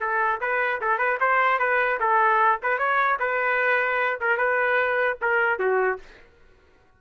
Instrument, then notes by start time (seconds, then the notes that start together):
trumpet
0.00 A4
0.40 B4
0.81 A4
0.98 B4
1.20 C5
1.59 B4
1.99 A4
2.62 B4
2.78 C#5
3.19 B4
4.20 A#4
4.37 B4
5.21 A#4
5.59 F#4